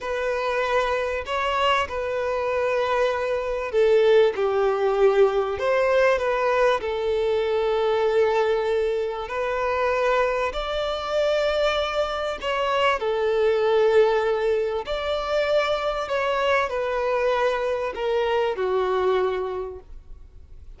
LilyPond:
\new Staff \with { instrumentName = "violin" } { \time 4/4 \tempo 4 = 97 b'2 cis''4 b'4~ | b'2 a'4 g'4~ | g'4 c''4 b'4 a'4~ | a'2. b'4~ |
b'4 d''2. | cis''4 a'2. | d''2 cis''4 b'4~ | b'4 ais'4 fis'2 | }